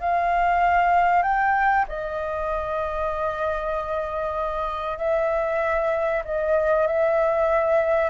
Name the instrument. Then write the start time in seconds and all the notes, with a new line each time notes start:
flute
0.00 F5
1.23 G5
1.88 D#5
4.98 E5
6.24 D#5
6.87 E5